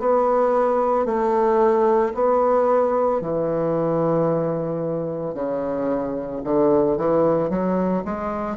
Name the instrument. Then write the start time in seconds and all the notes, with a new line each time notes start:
bassoon
0.00 B3
1.06 A3
2.15 B3
3.21 E3
5.35 C#3
6.44 D3
6.97 E3
7.50 F#3
8.05 G#3